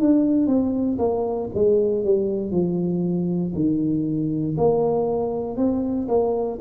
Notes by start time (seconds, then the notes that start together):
0.00 D4
0.47 C4
0.99 A#3
1.55 G#3
2.04 G3
2.51 F3
3.55 D#3
4.58 A#3
5.57 C4
6.08 A#3